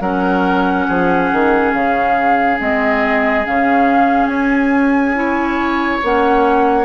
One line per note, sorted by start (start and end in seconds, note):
0.00 0.86 F#3
0.00 2.58 C#4
0.00 0.86 A#4
0.00 1.72 F#5
0.87 1.32 F3
0.87 5.16 G#4
1.32 1.73 D#3
1.73 2.59 C#3
1.73 2.59 F5
2.58 3.46 G#3
2.58 3.44 C4
2.58 3.46 D#5
3.45 4.26 C#3
3.45 5.15 C#4
3.45 4.26 F5
4.26 5.97 C#4
4.26 5.98 G#5
5.15 6.00 E4
5.15 6.85 C#5
6.03 6.85 A#3
6.03 6.85 C#4
6.03 6.85 F#5